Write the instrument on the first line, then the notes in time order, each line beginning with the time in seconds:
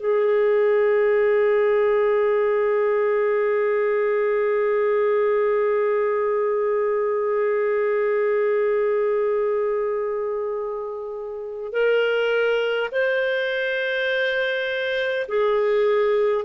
clarinet
0.00 G#4
11.73 A#4
12.92 C5
15.28 G#4